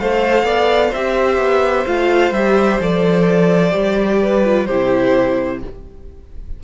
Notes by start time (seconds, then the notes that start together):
0.00 A3 A4 C5 F5
0.43 B3 D5
0.90 C4 C5 E5
0.96 G4
1.38 B3
1.87 A3 F4 F5
2.31 G3 G4 E5
2.81 F3 A4 D5
3.72 G3 G4
4.23 B4
4.45 F4
4.66 C3 E4 G4 C5